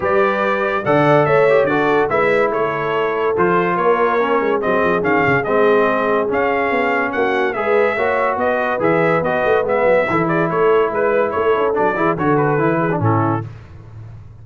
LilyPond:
<<
  \new Staff \with { instrumentName = "trumpet" } { \time 4/4 \tempo 4 = 143 d''2 fis''4 e''4 | d''4 e''4 cis''2 | c''4 cis''2 dis''4 | f''4 dis''2 f''4~ |
f''4 fis''4 e''2 | dis''4 e''4 dis''4 e''4~ | e''8 d''8 cis''4 b'4 cis''4 | d''4 cis''8 b'4. a'4 | }
  \new Staff \with { instrumentName = "horn" } { \time 4/4 b'2 d''4 cis''4 | a'4 b'4 a'2~ | a'4 ais'2 gis'4~ | gis'1~ |
gis'4 fis'4 b'4 cis''4 | b'1 | a'8 gis'8 a'4 b'4 a'4~ | a'8 gis'8 a'4. gis'8 e'4 | }
  \new Staff \with { instrumentName = "trombone" } { \time 4/4 g'2 a'4. g'8 | fis'4 e'2. | f'2 cis'4 c'4 | cis'4 c'2 cis'4~ |
cis'2 gis'4 fis'4~ | fis'4 gis'4 fis'4 b4 | e'1 | d'8 e'8 fis'4 e'8. d'16 cis'4 | }
  \new Staff \with { instrumentName = "tuba" } { \time 4/4 g2 d4 a4 | d4 gis4 a2 | f4 ais4. gis8 fis8 f8 | dis8 cis8 gis2 cis'4 |
b4 ais4 gis4 ais4 | b4 e4 b8 a8 gis8 fis8 | e4 a4 gis4 a8 cis'8 | fis8 e8 d4 e4 a,4 | }
>>